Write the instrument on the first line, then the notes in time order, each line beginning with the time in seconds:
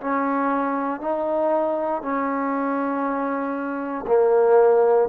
trombone
0.00 C#4
1.00 D#4
2.02 C#4
4.07 A#3